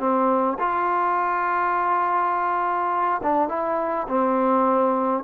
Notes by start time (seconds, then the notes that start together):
0.00 C4
0.60 F4
3.23 D4
3.49 E4
4.09 C4